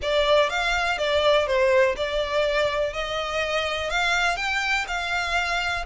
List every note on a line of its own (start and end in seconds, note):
0.01 0.49 D5
0.49 0.98 F5
0.98 1.46 D5
1.46 1.95 C5
1.96 2.93 D5
2.93 3.90 D#5
3.90 4.36 F5
4.36 4.85 G5
4.87 5.85 F5